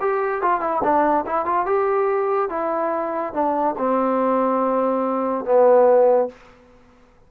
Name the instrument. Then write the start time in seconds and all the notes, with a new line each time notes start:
trombone
0.00 G4
0.42 F4
0.61 E4
0.83 D4
1.26 E4
1.46 F4
1.66 G4
2.49 E4
3.33 D4
3.78 C4
5.45 B3